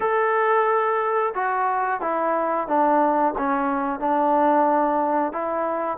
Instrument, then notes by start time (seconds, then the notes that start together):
trombone
0.00 A4
1.34 F#4
2.01 E4
2.67 D4
3.38 C#4
3.99 D4
5.32 E4